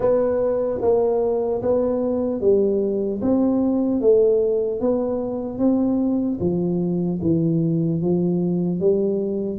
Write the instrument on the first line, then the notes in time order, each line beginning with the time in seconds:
tuba
0.00 B3
0.81 A#3
1.61 B3
2.40 G3
3.21 C4
4.00 A3
4.80 B3
5.58 C4
6.40 F3
7.21 E3
8.01 F3
8.80 G3